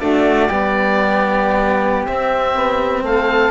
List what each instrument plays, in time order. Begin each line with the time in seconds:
0.00 cello A3, bassoon D4, flute F#4, oboe D5
0.48 bassoon G3, cello B3, flute G4
2.05 bassoon C4, cello C4, oboe E5
2.55 bassoon B3
3.03 bassoon A3, flute A4, oboe F5